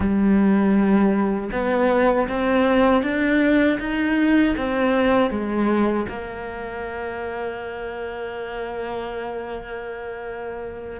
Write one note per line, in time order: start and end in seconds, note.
0.00 1.50 G3
1.52 2.28 B3
2.28 3.02 C4
3.02 3.78 D4
3.79 4.55 D#4
4.57 5.30 C4
5.30 6.06 G#3
6.08 11.00 A#3